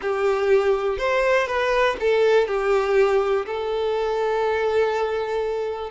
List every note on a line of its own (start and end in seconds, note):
0.01 0.98 G4
0.98 1.47 C5
1.47 1.96 B4
2.00 2.47 A4
2.47 3.45 G4
3.46 5.90 A4